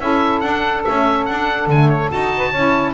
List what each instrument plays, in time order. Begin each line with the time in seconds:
0.00 double bass C#4, saxophone E4 A4, oboe E5
0.40 double bass D4, saxophone D4, oboe F#5
0.84 saxophone A3, double bass C#4, oboe E5
1.25 double bass D4, saxophone D4, oboe F#5
1.67 double bass D3, saxophone A3, oboe G#5
1.89 oboe C#5
2.11 double bass D#4, saxophone F#4, oboe A5
2.37 saxophone B4
2.50 double bass C#4, saxophone E4 C#5